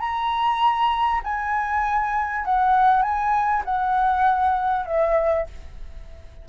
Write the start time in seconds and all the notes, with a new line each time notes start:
0.00 A#5
1.24 G#5
2.45 F#5
3.02 G#5
3.65 F#5
4.86 E5